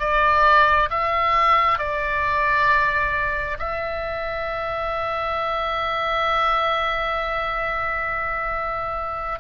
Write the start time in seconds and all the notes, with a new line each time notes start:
0.00 D5
0.90 E5
1.79 D5
3.59 E5